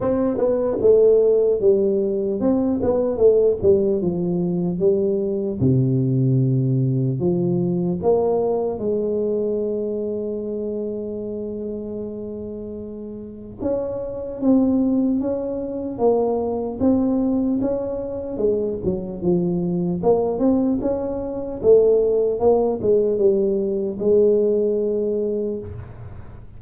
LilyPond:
\new Staff \with { instrumentName = "tuba" } { \time 4/4 \tempo 4 = 75 c'8 b8 a4 g4 c'8 b8 | a8 g8 f4 g4 c4~ | c4 f4 ais4 gis4~ | gis1~ |
gis4 cis'4 c'4 cis'4 | ais4 c'4 cis'4 gis8 fis8 | f4 ais8 c'8 cis'4 a4 | ais8 gis8 g4 gis2 | }